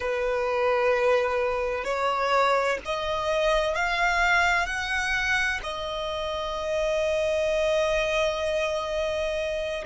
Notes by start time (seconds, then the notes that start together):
0.00 B4
1.84 C#5
2.85 D#5
3.75 F5
4.66 F#5
5.62 D#5